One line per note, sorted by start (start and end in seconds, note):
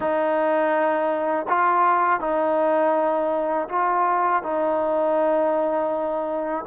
0.00 1.46 D#4
1.48 2.20 F4
2.20 3.68 D#4
3.68 4.42 F4
4.42 6.65 D#4